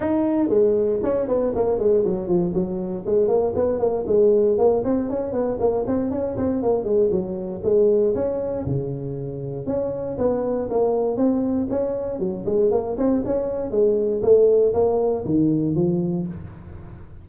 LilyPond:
\new Staff \with { instrumentName = "tuba" } { \time 4/4 \tempo 4 = 118 dis'4 gis4 cis'8 b8 ais8 gis8 | fis8 f8 fis4 gis8 ais8 b8 ais8 | gis4 ais8 c'8 cis'8 b8 ais8 c'8 | cis'8 c'8 ais8 gis8 fis4 gis4 |
cis'4 cis2 cis'4 | b4 ais4 c'4 cis'4 | fis8 gis8 ais8 c'8 cis'4 gis4 | a4 ais4 dis4 f4 | }